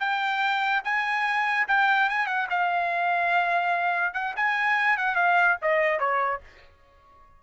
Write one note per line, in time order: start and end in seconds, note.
0.00 0.83 G5
0.85 1.67 G#5
1.68 2.10 G5
2.10 2.27 G#5
2.27 2.48 F#5
2.50 4.14 F5
4.14 4.35 F#5
4.36 4.98 G#5
4.98 5.16 F#5
5.16 5.57 F5
5.62 6.00 D#5
6.00 6.41 C#5